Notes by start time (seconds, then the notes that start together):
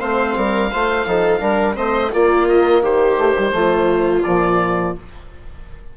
0.00 A3 C4 C5 F5
0.37 G3 A#4
0.72 A3 F4 C5
1.07 F3 D#4 A4
1.40 G3 D4 A#4
1.75 A3 C4 C5 D#5
2.12 A#3 F4 D5
2.48 D#5
2.82 D#3 G4 C5
3.18 A3
3.39 G3
3.52 F3 A3 F4
4.24 A#2 F3 D5